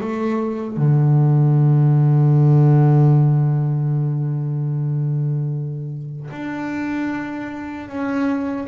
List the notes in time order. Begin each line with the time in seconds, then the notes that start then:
0.00 A3
0.76 D3
6.31 D4
7.88 C#4